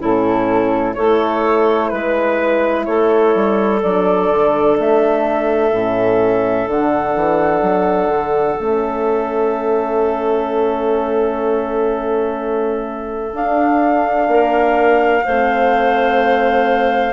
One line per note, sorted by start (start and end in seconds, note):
0.00 0.98 A2
0.00 0.95 C#4
0.00 0.95 E4
0.00 0.94 A4
0.94 1.92 A3
0.94 3.83 E4
0.94 1.90 A4
0.94 1.89 C#5
1.89 2.87 G#3
1.89 2.85 B4
1.89 2.86 B4
2.85 3.35 A3
2.85 14.30 A4
2.85 3.80 C#5
3.35 3.83 G3
3.82 4.30 F#3
3.82 5.74 D4
3.82 4.78 D5
4.30 4.78 D3
4.79 5.72 A3
4.79 6.70 E5
5.72 6.67 A2
5.72 6.68 C#4
6.67 7.15 D3
6.67 8.59 D4
6.67 8.60 F#5
7.15 7.62 E3
7.62 8.08 F#3
8.08 8.56 D3
8.60 13.34 A3
8.60 13.34 C#4
8.60 13.36 E5
13.34 14.28 D4
13.34 15.24 D4
13.34 17.13 F5
14.28 15.23 A#3
14.28 15.25 A#4
15.25 17.13 A3
15.25 17.13 C4
15.25 17.13 C5